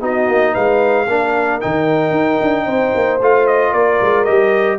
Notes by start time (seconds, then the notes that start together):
0.00 B3 D#4 F#4 D#5
0.28 A#3
0.52 G#3 B4 F5
1.08 A#3 D4 A#4
1.60 D#3 D#4 G5
2.11 D#4
2.41 D4
2.65 C4 C5
2.95 A#3
3.21 A3 F4 F5
3.47 D#5
3.71 A#3 A#4 D5
4.01 G#3
4.24 G3 G4 D#5